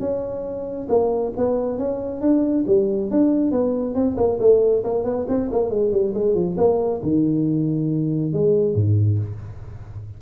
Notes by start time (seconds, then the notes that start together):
0.00 C#4
0.89 A#3
1.37 B3
1.78 C#4
2.21 D4
2.67 G3
3.11 D4
3.52 B3
3.95 C4
4.17 A#3
4.40 A3
4.84 A#3
5.04 B3
5.29 C4
5.51 A#3
5.70 G#3
5.92 G3
6.14 G#3
6.35 F3
6.58 A#3
7.03 D#3
8.33 G#3
8.75 G#2